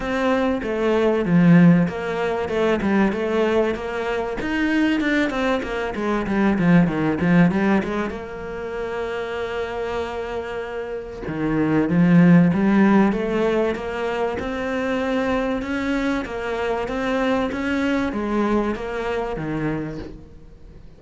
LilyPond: \new Staff \with { instrumentName = "cello" } { \time 4/4 \tempo 4 = 96 c'4 a4 f4 ais4 | a8 g8 a4 ais4 dis'4 | d'8 c'8 ais8 gis8 g8 f8 dis8 f8 | g8 gis8 ais2.~ |
ais2 dis4 f4 | g4 a4 ais4 c'4~ | c'4 cis'4 ais4 c'4 | cis'4 gis4 ais4 dis4 | }